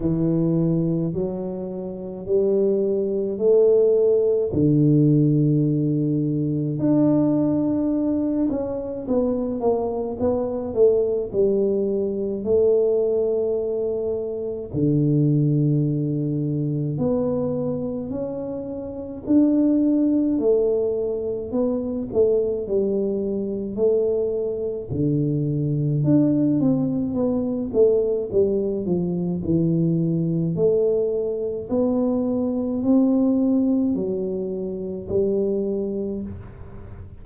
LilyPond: \new Staff \with { instrumentName = "tuba" } { \time 4/4 \tempo 4 = 53 e4 fis4 g4 a4 | d2 d'4. cis'8 | b8 ais8 b8 a8 g4 a4~ | a4 d2 b4 |
cis'4 d'4 a4 b8 a8 | g4 a4 d4 d'8 c'8 | b8 a8 g8 f8 e4 a4 | b4 c'4 fis4 g4 | }